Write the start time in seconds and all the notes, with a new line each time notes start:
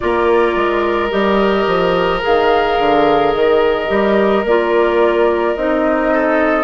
0.00 A#3 F4 A#4 D5
0.55 G#3
1.09 G3 G4 D#5
1.66 F3
2.21 D#3 G#4 F5
2.78 D3
3.33 D#3 D#5
3.87 G3 G4
4.44 A#3 F4 D5
5.55 C4 D#4 D#5
6.13 A4